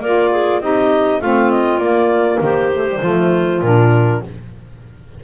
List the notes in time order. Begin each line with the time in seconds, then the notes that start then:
0.00 A#3 F4 A#4 D5
0.31 G#4
0.60 C4 D#4 G4 D#5
1.20 A3 C4 F4 F5
1.51 D#5
1.77 A#3 D5
2.41 D#3 G4 C5
2.73 A3
2.89 G3
3.01 F3 A3 F4
3.61 A#2 D4 A#4